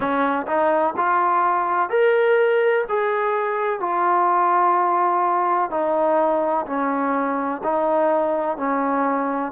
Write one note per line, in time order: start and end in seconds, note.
0.00 0.46 C#4
0.46 0.94 D#4
0.96 1.89 F4
1.89 2.84 A#4
2.88 3.80 G#4
3.80 5.70 F4
5.70 6.65 D#4
6.66 7.61 C#4
7.63 8.57 D#4
8.57 9.52 C#4